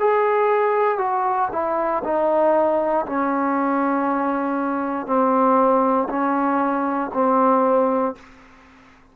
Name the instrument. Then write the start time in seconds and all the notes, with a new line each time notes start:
trombone
0.00 G#4
0.98 F#4
1.52 E4
2.04 D#4
3.06 C#4
5.07 C4
6.10 C#4
7.14 C4